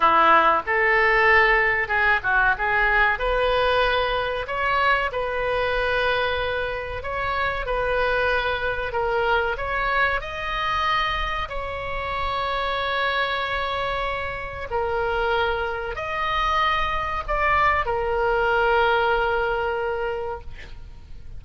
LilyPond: \new Staff \with { instrumentName = "oboe" } { \time 4/4 \tempo 4 = 94 e'4 a'2 gis'8 fis'8 | gis'4 b'2 cis''4 | b'2. cis''4 | b'2 ais'4 cis''4 |
dis''2 cis''2~ | cis''2. ais'4~ | ais'4 dis''2 d''4 | ais'1 | }